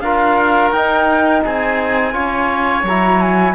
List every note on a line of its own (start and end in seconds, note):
0.00 0.71 D4
0.00 0.75 F4
0.00 1.44 A#4
0.00 0.71 F5
0.71 1.41 D#4
0.71 2.13 D#4
0.71 1.42 G5
1.44 2.14 C4
1.44 2.14 G#4
1.44 2.86 G#5
2.13 2.83 C#4
2.13 2.83 F4
2.13 3.54 C#5
2.83 3.54 F#3
2.83 3.54 E4
2.83 3.21 A#5
3.21 3.54 G#5